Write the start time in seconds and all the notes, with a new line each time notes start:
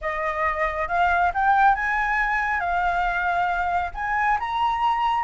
0.01 D#5
0.88 F5
1.34 G5
1.75 G#5
2.60 F5
3.94 G#5
4.39 A#5